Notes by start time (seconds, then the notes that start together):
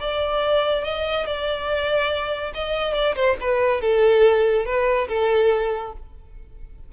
0.00 D5
0.85 D#5
1.26 D5
2.55 D#5
2.94 D5
3.16 C5
3.41 B4
3.81 A4
4.66 B4
5.09 A4